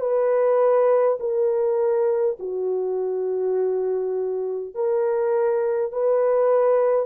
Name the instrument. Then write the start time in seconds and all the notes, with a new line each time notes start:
horn
0.00 B4
1.20 A#4
2.40 F#4
4.75 A#4
5.93 B4